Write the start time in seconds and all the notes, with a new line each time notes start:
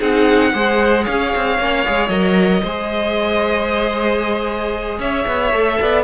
0.00 C4 D#4 G#4 F#5
0.54 G#3 G#4 C5
1.04 C#4 C#5 F5
1.36 C4
1.59 A#3 C#4
1.86 G#3 G#4
2.09 F#3 A#4 D#5
2.63 G#3 G#4 C5
4.99 C#4 C#5 E5
5.27 B3
5.53 A3 A4
5.82 B3 D5